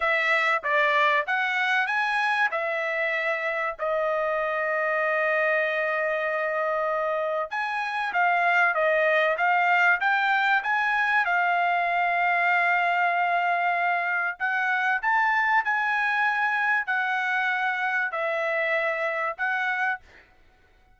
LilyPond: \new Staff \with { instrumentName = "trumpet" } { \time 4/4 \tempo 4 = 96 e''4 d''4 fis''4 gis''4 | e''2 dis''2~ | dis''1 | gis''4 f''4 dis''4 f''4 |
g''4 gis''4 f''2~ | f''2. fis''4 | a''4 gis''2 fis''4~ | fis''4 e''2 fis''4 | }